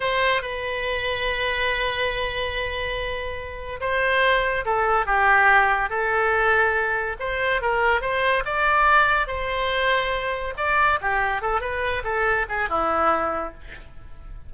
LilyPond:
\new Staff \with { instrumentName = "oboe" } { \time 4/4 \tempo 4 = 142 c''4 b'2.~ | b'1~ | b'4 c''2 a'4 | g'2 a'2~ |
a'4 c''4 ais'4 c''4 | d''2 c''2~ | c''4 d''4 g'4 a'8 b'8~ | b'8 a'4 gis'8 e'2 | }